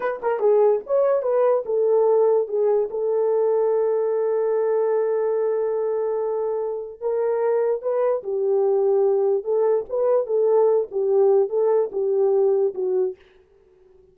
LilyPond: \new Staff \with { instrumentName = "horn" } { \time 4/4 \tempo 4 = 146 b'8 ais'8 gis'4 cis''4 b'4 | a'2 gis'4 a'4~ | a'1~ | a'1~ |
a'4 ais'2 b'4 | g'2. a'4 | b'4 a'4. g'4. | a'4 g'2 fis'4 | }